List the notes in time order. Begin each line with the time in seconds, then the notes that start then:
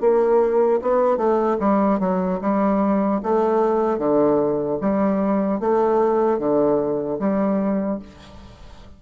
0.00 A#3
0.81 B3
1.17 A3
1.59 G3
1.99 F#3
2.41 G3
3.23 A3
3.98 D3
4.80 G3
5.60 A3
6.39 D3
7.19 G3